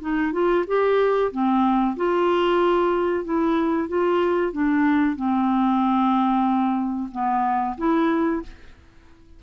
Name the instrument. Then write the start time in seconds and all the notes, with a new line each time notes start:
clarinet
0.00 D#4
0.32 F4
0.67 G4
1.31 C4
1.96 F4
3.24 E4
3.88 F4
4.52 D4
5.16 C4
7.11 B3
7.77 E4